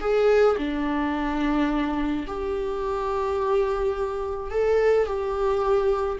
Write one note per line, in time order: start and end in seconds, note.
0.00 0.56 G#4
0.57 2.26 D4
2.27 4.50 G4
4.50 5.06 A4
5.06 6.18 G4